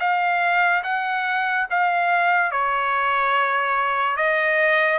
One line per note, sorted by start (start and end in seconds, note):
0.00 0.83 F5
0.84 1.67 F#5
1.70 2.52 F5
2.52 4.17 C#5
4.17 4.99 D#5